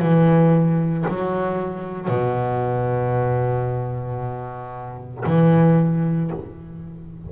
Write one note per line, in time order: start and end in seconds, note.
0.00 1.05 E3
1.08 2.09 F#3
2.09 5.24 B2
5.26 6.32 E3